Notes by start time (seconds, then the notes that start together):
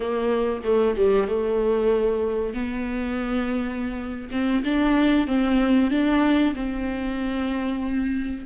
0.00 A#3
0.64 A3
0.96 G3
1.27 A3
2.54 B3
4.31 C4
4.64 D4
5.27 C4
5.90 D4
6.55 C4